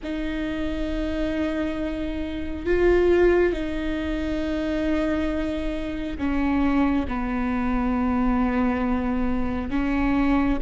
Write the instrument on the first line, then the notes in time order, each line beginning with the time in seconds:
viola
0.03 D#4
2.65 F4
3.53 D#4
6.18 C#4
7.07 B3
9.70 C#4